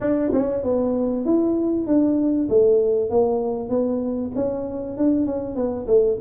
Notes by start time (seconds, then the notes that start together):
0.00 D4
0.33 C#4
0.63 B3
1.25 E4
1.86 D4
2.49 A3
3.10 A#3
3.69 B3
4.35 C#4
4.97 D4
5.25 C#4
5.55 B3
5.87 A3